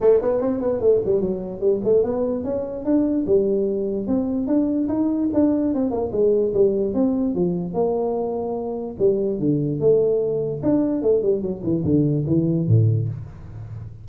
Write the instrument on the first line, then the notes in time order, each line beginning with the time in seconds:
tuba
0.00 A3
0.21 B3
0.40 C4
0.60 B3
0.80 A3
1.05 G3
1.20 F#3
1.60 G3
1.83 A3
2.03 B3
2.44 C#4
2.84 D4
3.26 G3
4.07 C4
4.47 D4
4.88 D#4
5.33 D4
5.74 C4
5.90 A#3
6.12 G#3
6.53 G3
6.94 C4
7.35 F3
7.73 A#3
8.98 G3
9.39 D3
9.80 A3
10.62 D4
11.02 A3
11.22 G3
11.42 F#3
11.63 E3
11.84 D3
12.27 E3
12.67 A2